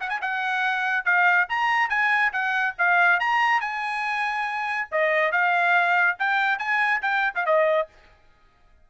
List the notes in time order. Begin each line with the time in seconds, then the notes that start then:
0.00 F#5
0.09 G#5
0.21 F#5
1.05 F5
1.49 A#5
1.89 G#5
2.32 F#5
2.78 F5
3.19 A#5
3.60 G#5
4.91 D#5
5.32 F5
6.19 G5
6.58 G#5
7.02 G5
7.35 F5
7.45 D#5